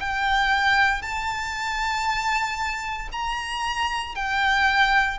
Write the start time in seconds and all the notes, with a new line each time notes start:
0.00 G5
1.02 A5
3.12 A#5
4.15 G5